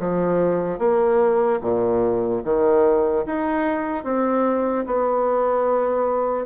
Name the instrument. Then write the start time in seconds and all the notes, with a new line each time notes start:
bassoon
0.00 F3
0.79 A#3
1.62 A#2
2.44 D#3
3.26 D#4
4.04 C4
4.86 B3